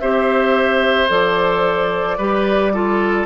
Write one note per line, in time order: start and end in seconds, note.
0.00 1.10 C4
0.00 1.09 G4
0.00 2.18 C5
0.00 1.09 E5
1.09 2.19 F3
1.09 2.18 A4
1.09 3.26 D5
2.18 3.26 G3
2.18 2.73 G4
2.18 2.72 B4
2.73 3.26 F4
2.73 3.26 A4